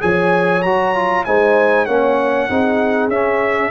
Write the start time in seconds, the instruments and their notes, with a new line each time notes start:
0.00 tuba F3, trombone G#4, horn C#5, trumpet G#5
0.62 tuba F#3, trombone F#4, trumpet A#5
0.95 trombone F4
1.24 tuba G#3, trombone D#4, horn C5, trumpet G#5
1.85 tuba A#3, trombone C#4, horn C#5, trumpet F#5
2.49 tuba C4, trombone D#4, horn G#4
3.08 tuba C#4, trombone C#4, trumpet E5